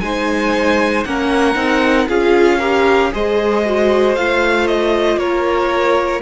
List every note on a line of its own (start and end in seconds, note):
0.00 1.04 G#3
0.00 1.05 D#4
0.00 1.07 C5
0.00 1.03 G#5
1.04 1.55 A#3
1.04 1.55 C#4
1.04 2.08 A#4
1.04 2.08 F#5
1.55 2.07 C4
1.55 2.06 D#4
2.08 3.12 C#4
2.08 2.60 F4
2.08 2.59 G#4
2.08 3.12 F5
2.59 3.12 G4
2.59 3.11 A#4
3.12 4.16 G#3
3.12 3.63 G#4
3.12 5.19 C5
3.12 4.15 D#5
3.65 4.16 F#4
4.15 5.16 A3
4.15 6.21 F4
4.15 4.67 F5
4.67 5.17 D#5
5.16 6.19 A#3
5.16 6.21 A#4
5.16 6.21 C#5